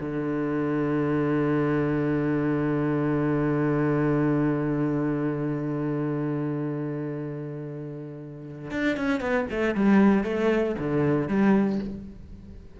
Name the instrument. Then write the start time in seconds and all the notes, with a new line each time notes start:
cello
0.00 D3
8.71 D4
8.97 C#4
9.20 B3
9.50 A3
9.75 G3
10.24 A3
10.79 D3
11.28 G3